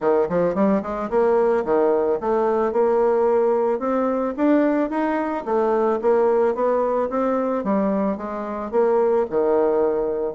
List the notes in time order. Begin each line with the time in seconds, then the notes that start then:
0.00 D#3
0.29 F3
0.54 G3
0.82 G#3
1.09 A#3
1.64 D#3
2.20 A3
2.72 A#3
3.79 C4
4.36 D4
4.89 D#4
5.45 A3
6.01 A#3
6.54 B3
7.09 C4
7.64 G3
8.17 G#3
8.71 A#3
9.30 D#3